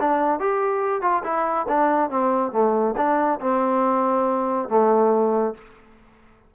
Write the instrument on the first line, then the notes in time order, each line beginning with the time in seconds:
trombone
0.00 D4
0.40 G4
1.01 F4
1.24 E4
1.69 D4
2.10 C4
2.52 A3
2.97 D4
3.40 C4
4.69 A3